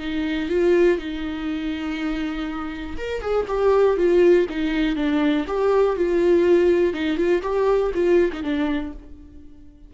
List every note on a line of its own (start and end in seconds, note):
0.00 0.50 D#4
0.50 0.98 F4
0.98 2.97 D#4
2.98 3.22 A#4
3.22 3.46 G#4
3.48 3.97 G4
3.97 4.47 F4
4.50 4.96 D#4
4.96 5.46 D4
5.48 5.97 G4
5.97 6.94 F4
6.94 7.18 D#4
7.18 7.42 F4
7.42 7.92 G4
7.95 8.32 F4
8.33 8.43 D#4
8.43 8.93 D4